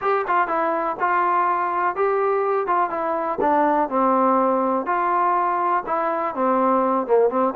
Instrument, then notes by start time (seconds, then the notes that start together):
trombone
0.01 G4
0.27 F4
0.47 E4
0.99 F4
1.95 G4
2.66 F4
2.90 E4
3.40 D4
3.89 C4
4.86 F4
5.86 E4
6.34 C4
7.06 A#3
7.29 C4